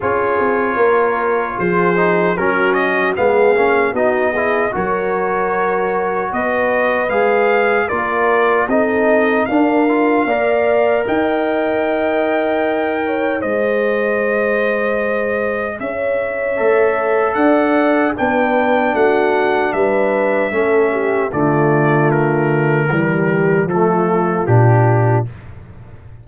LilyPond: <<
  \new Staff \with { instrumentName = "trumpet" } { \time 4/4 \tempo 4 = 76 cis''2 c''4 ais'8 dis''8 | f''4 dis''4 cis''2 | dis''4 f''4 d''4 dis''4 | f''2 g''2~ |
g''4 dis''2. | e''2 fis''4 g''4 | fis''4 e''2 d''4 | ais'2 a'4 g'4 | }
  \new Staff \with { instrumentName = "horn" } { \time 4/4 gis'4 ais'4 gis'4 fis'4 | gis'4 fis'8 gis'8 ais'2 | b'2 ais'4 a'4 | ais'4 d''4 dis''2~ |
dis''8 cis''8 c''2. | cis''2 d''4 b'4 | fis'4 b'4 a'8 g'8 f'4~ | f'4 g'4 f'2 | }
  \new Staff \with { instrumentName = "trombone" } { \time 4/4 f'2~ f'8 dis'8 cis'4 | b8 cis'8 dis'8 e'8 fis'2~ | fis'4 gis'4 f'4 dis'4 | d'8 f'8 ais'2.~ |
ais'4 gis'2.~ | gis'4 a'2 d'4~ | d'2 cis'4 a4~ | a4 g4 a4 d'4 | }
  \new Staff \with { instrumentName = "tuba" } { \time 4/4 cis'8 c'8 ais4 f4 fis4 | gis8 ais8 b4 fis2 | b4 gis4 ais4 c'4 | d'4 ais4 dis'2~ |
dis'4 gis2. | cis'4 a4 d'4 b4 | a4 g4 a4 d4~ | d4 e4 f4 ais,4 | }
>>